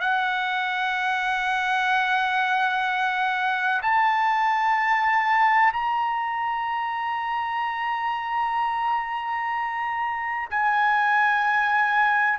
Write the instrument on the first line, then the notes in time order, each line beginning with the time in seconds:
trumpet
0.00 F#5
3.82 A5
5.72 A#5
10.50 G#5